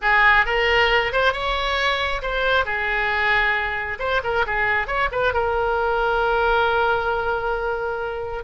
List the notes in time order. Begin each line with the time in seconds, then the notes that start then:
0.01 G#4
0.45 A#4
1.12 C5
1.32 C#5
2.21 C5
2.65 G#4
3.99 C5
4.23 A#4
4.46 G#4
4.87 C#5
5.11 B4
5.33 A#4